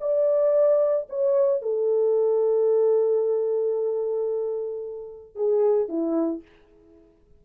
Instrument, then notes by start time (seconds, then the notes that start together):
horn
0.00 D5
1.09 C#5
1.61 A4
5.35 G#4
5.88 E4